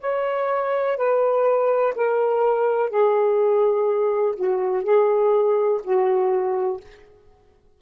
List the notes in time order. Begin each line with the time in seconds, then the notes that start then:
0.00 C#5
0.97 B4
1.95 A#4
2.89 G#4
4.35 F#4
4.83 G#4
5.83 F#4